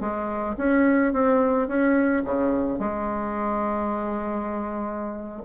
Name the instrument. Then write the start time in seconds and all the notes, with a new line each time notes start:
bassoon
0.00 G#3
0.57 C#4
1.13 C4
1.68 C#4
2.24 C#3
2.79 G#3